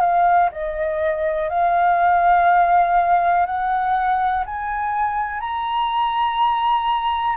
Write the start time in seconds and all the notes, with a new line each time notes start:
0.00 F5
0.51 D#5
1.49 F5
3.46 F#5
4.45 G#5
5.40 A#5